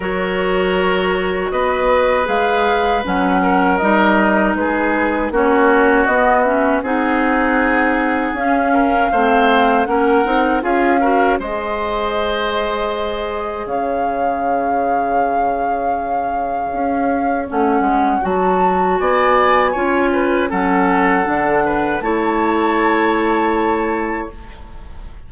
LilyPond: <<
  \new Staff \with { instrumentName = "flute" } { \time 4/4 \tempo 4 = 79 cis''2 dis''4 f''4 | fis''4 dis''4 b'4 cis''4 | dis''8 e''8 fis''2 f''4~ | f''4 fis''4 f''4 dis''4~ |
dis''2 f''2~ | f''2. fis''4 | a''4 gis''2 fis''4~ | fis''4 a''2. | }
  \new Staff \with { instrumentName = "oboe" } { \time 4/4 ais'2 b'2~ | b'8 ais'4. gis'4 fis'4~ | fis'4 gis'2~ gis'8 ais'8 | c''4 ais'4 gis'8 ais'8 c''4~ |
c''2 cis''2~ | cis''1~ | cis''4 d''4 cis''8 b'8 a'4~ | a'8 b'8 cis''2. | }
  \new Staff \with { instrumentName = "clarinet" } { \time 4/4 fis'2. gis'4 | cis'4 dis'2 cis'4 | b8 cis'8 dis'2 cis'4 | c'4 cis'8 dis'8 f'8 fis'8 gis'4~ |
gis'1~ | gis'2. cis'4 | fis'2 f'4 cis'4 | d'4 e'2. | }
  \new Staff \with { instrumentName = "bassoon" } { \time 4/4 fis2 b4 gis4 | fis4 g4 gis4 ais4 | b4 c'2 cis'4 | a4 ais8 c'8 cis'4 gis4~ |
gis2 cis2~ | cis2 cis'4 a8 gis8 | fis4 b4 cis'4 fis4 | d4 a2. | }
>>